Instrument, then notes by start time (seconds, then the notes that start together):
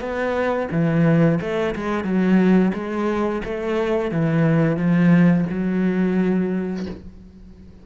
cello
0.00 B3
0.71 E3
1.40 A3
1.75 G#3
2.04 F#3
2.74 G#3
3.44 A3
4.11 E3
4.76 F3
5.49 F#3